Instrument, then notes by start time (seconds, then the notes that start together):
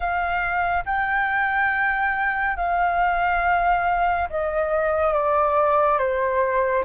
flute
0.00 F5
0.85 G5
2.56 F5
4.29 D#5
5.13 D5
5.98 C5